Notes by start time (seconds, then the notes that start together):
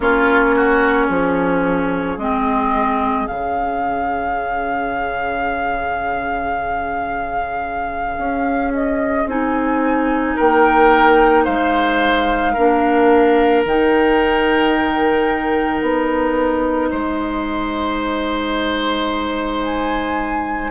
0.00 A#3 C#4 F4 C#5
0.56 F#4
1.06 F3 G#4
2.17 G#3 C4 D#5
3.27 C#3 C#4 F5
8.17 C#4
8.73 D#5
9.25 C4 D#4 G#5
10.36 A#3 A#4 G5
11.44 G#3 C5 F5
12.53 A#3 D4 A#4
13.65 D#3 D#4 G5
15.81 B3 D#5
16.90 G#3 C5
19.62 G#5